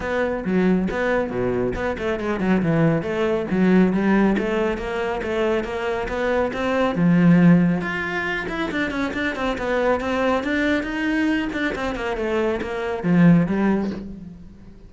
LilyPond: \new Staff \with { instrumentName = "cello" } { \time 4/4 \tempo 4 = 138 b4 fis4 b4 b,4 | b8 a8 gis8 fis8 e4 a4 | fis4 g4 a4 ais4 | a4 ais4 b4 c'4 |
f2 f'4. e'8 | d'8 cis'8 d'8 c'8 b4 c'4 | d'4 dis'4. d'8 c'8 ais8 | a4 ais4 f4 g4 | }